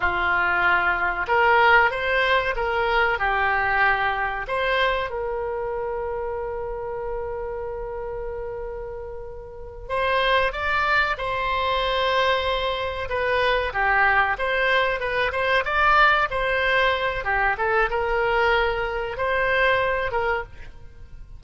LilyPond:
\new Staff \with { instrumentName = "oboe" } { \time 4/4 \tempo 4 = 94 f'2 ais'4 c''4 | ais'4 g'2 c''4 | ais'1~ | ais'2.~ ais'8 c''8~ |
c''8 d''4 c''2~ c''8~ | c''8 b'4 g'4 c''4 b'8 | c''8 d''4 c''4. g'8 a'8 | ais'2 c''4. ais'8 | }